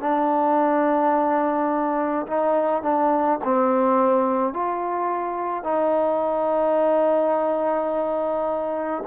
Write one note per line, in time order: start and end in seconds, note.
0.00 2.26 D4
2.26 2.83 D#4
2.83 3.39 D4
3.44 4.53 C4
4.53 5.63 F4
5.63 9.03 D#4